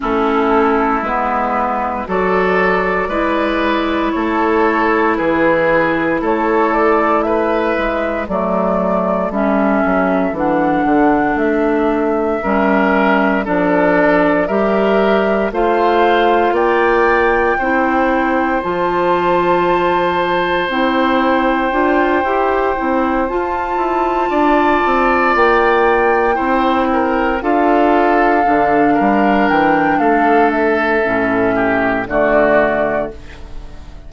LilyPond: <<
  \new Staff \with { instrumentName = "flute" } { \time 4/4 \tempo 4 = 58 a'4 b'4 d''2 | cis''4 b'4 cis''8 d''8 e''4 | d''4 e''4 fis''4 e''4~ | e''4 d''4 e''4 f''4 |
g''2 a''2 | g''2~ g''8 a''4.~ | a''8 g''2 f''4.~ | f''8 g''8 f''8 e''4. d''4 | }
  \new Staff \with { instrumentName = "oboe" } { \time 4/4 e'2 a'4 b'4 | a'4 gis'4 a'4 b'4 | a'1 | ais'4 a'4 ais'4 c''4 |
d''4 c''2.~ | c''2.~ c''8 d''8~ | d''4. c''8 ais'8 a'4. | ais'4 a'4. g'8 fis'4 | }
  \new Staff \with { instrumentName = "clarinet" } { \time 4/4 cis'4 b4 fis'4 e'4~ | e'1 | a4 cis'4 d'2 | cis'4 d'4 g'4 f'4~ |
f'4 e'4 f'2 | e'4 f'8 g'8 e'8 f'4.~ | f'4. e'4 f'4 d'8~ | d'2 cis'4 a4 | }
  \new Staff \with { instrumentName = "bassoon" } { \time 4/4 a4 gis4 fis4 gis4 | a4 e4 a4. gis8 | fis4 g8 fis8 e8 d8 a4 | g4 f4 g4 a4 |
ais4 c'4 f2 | c'4 d'8 e'8 c'8 f'8 e'8 d'8 | c'8 ais4 c'4 d'4 d8 | g8 e8 a4 a,4 d4 | }
>>